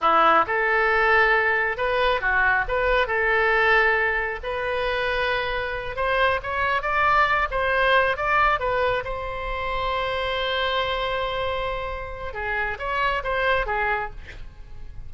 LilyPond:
\new Staff \with { instrumentName = "oboe" } { \time 4/4 \tempo 4 = 136 e'4 a'2. | b'4 fis'4 b'4 a'4~ | a'2 b'2~ | b'4. c''4 cis''4 d''8~ |
d''4 c''4. d''4 b'8~ | b'8 c''2.~ c''8~ | c''1 | gis'4 cis''4 c''4 gis'4 | }